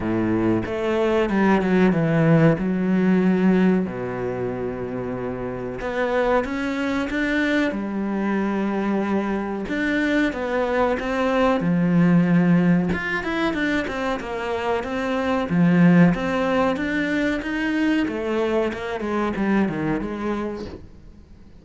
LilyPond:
\new Staff \with { instrumentName = "cello" } { \time 4/4 \tempo 4 = 93 a,4 a4 g8 fis8 e4 | fis2 b,2~ | b,4 b4 cis'4 d'4 | g2. d'4 |
b4 c'4 f2 | f'8 e'8 d'8 c'8 ais4 c'4 | f4 c'4 d'4 dis'4 | a4 ais8 gis8 g8 dis8 gis4 | }